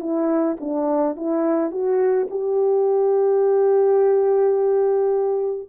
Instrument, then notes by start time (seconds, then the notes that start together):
horn
0.00 E4
0.61 D4
1.16 E4
1.71 F#4
2.31 G4